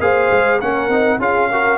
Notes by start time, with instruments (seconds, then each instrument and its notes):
0.00 tuba A#3, trombone G#4, horn C5, trumpet F5
0.32 tuba G#3
0.60 tuba A#3, trombone C#4, horn A#4, trumpet F#5
0.89 tuba C4, trombone D#4
1.19 tuba C#4, trombone F4, horn G#4, trumpet F5
1.52 trombone F#4, horn A#4